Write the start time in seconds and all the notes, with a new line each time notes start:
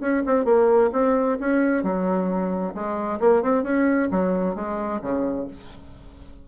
0.00 C#4
0.26 C4
0.45 A#3
0.93 C4
1.40 C#4
1.83 F#3
2.74 G#3
3.20 A#3
3.43 C4
3.63 C#4
4.11 F#3
4.55 G#3
5.02 C#3